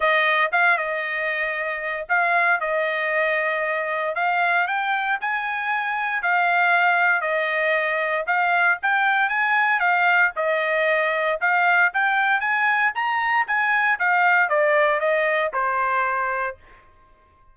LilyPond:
\new Staff \with { instrumentName = "trumpet" } { \time 4/4 \tempo 4 = 116 dis''4 f''8 dis''2~ dis''8 | f''4 dis''2. | f''4 g''4 gis''2 | f''2 dis''2 |
f''4 g''4 gis''4 f''4 | dis''2 f''4 g''4 | gis''4 ais''4 gis''4 f''4 | d''4 dis''4 c''2 | }